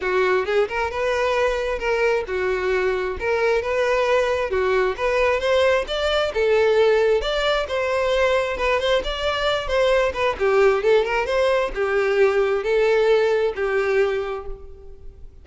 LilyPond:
\new Staff \with { instrumentName = "violin" } { \time 4/4 \tempo 4 = 133 fis'4 gis'8 ais'8 b'2 | ais'4 fis'2 ais'4 | b'2 fis'4 b'4 | c''4 d''4 a'2 |
d''4 c''2 b'8 c''8 | d''4. c''4 b'8 g'4 | a'8 ais'8 c''4 g'2 | a'2 g'2 | }